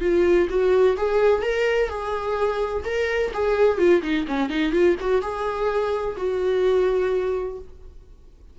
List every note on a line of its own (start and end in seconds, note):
0.00 0.47 F4
0.49 0.96 F#4
0.96 1.42 G#4
1.42 1.88 A#4
1.88 2.83 G#4
2.84 3.31 A#4
3.33 3.78 G#4
3.78 4.01 F4
4.02 4.25 D#4
4.27 4.49 C#4
4.49 4.72 D#4
4.72 4.95 F4
5.00 5.21 F#4
5.21 6.16 G#4
6.17 7.58 F#4